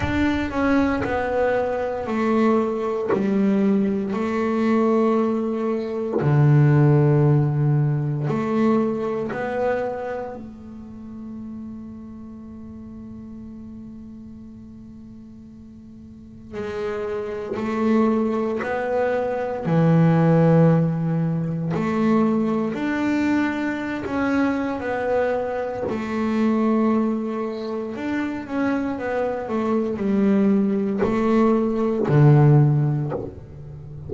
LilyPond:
\new Staff \with { instrumentName = "double bass" } { \time 4/4 \tempo 4 = 58 d'8 cis'8 b4 a4 g4 | a2 d2 | a4 b4 a2~ | a1 |
gis4 a4 b4 e4~ | e4 a4 d'4~ d'16 cis'8. | b4 a2 d'8 cis'8 | b8 a8 g4 a4 d4 | }